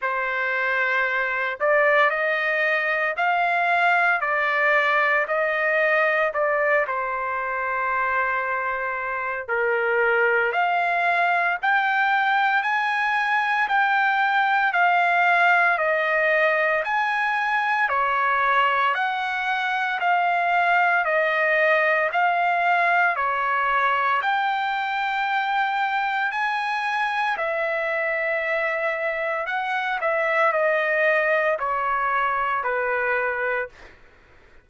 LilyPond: \new Staff \with { instrumentName = "trumpet" } { \time 4/4 \tempo 4 = 57 c''4. d''8 dis''4 f''4 | d''4 dis''4 d''8 c''4.~ | c''4 ais'4 f''4 g''4 | gis''4 g''4 f''4 dis''4 |
gis''4 cis''4 fis''4 f''4 | dis''4 f''4 cis''4 g''4~ | g''4 gis''4 e''2 | fis''8 e''8 dis''4 cis''4 b'4 | }